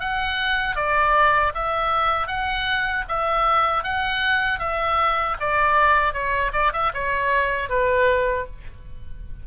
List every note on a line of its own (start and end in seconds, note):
0.00 0.76 F#5
0.76 1.52 D5
1.55 2.28 E5
2.28 3.05 F#5
3.09 3.84 E5
3.84 4.60 F#5
4.60 5.37 E5
5.40 6.13 D5
6.13 6.52 C#5
6.53 6.72 D5
6.73 6.92 E5
6.94 7.69 C#5
7.69 8.46 B4